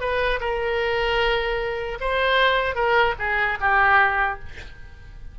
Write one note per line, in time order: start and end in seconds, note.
0.00 0.39 B4
0.40 1.98 A#4
2.00 2.75 C5
2.75 3.14 A#4
3.19 3.58 G#4
3.60 4.39 G4